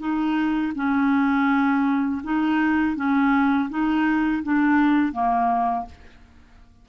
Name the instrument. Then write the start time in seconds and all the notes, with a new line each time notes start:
clarinet
0.00 D#4
0.76 C#4
2.24 D#4
2.97 C#4
3.70 D#4
4.44 D4
5.13 A#3